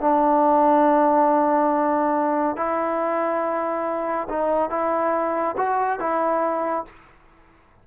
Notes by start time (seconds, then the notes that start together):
0.00 D4
2.56 E4
4.29 D#4
4.70 E4
5.57 F#4
5.99 E4